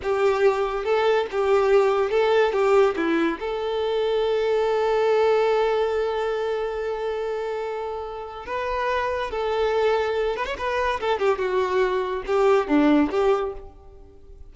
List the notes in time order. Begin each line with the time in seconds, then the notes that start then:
0.02 G4
0.84 A4
1.31 G4
2.10 A4
2.52 G4
2.96 E4
3.39 A4
8.46 B4
9.31 A4
10.36 B4
10.46 C#5
10.57 B4
11.00 A4
11.19 G4
11.38 F#4
12.26 G4
12.67 D4
13.10 G4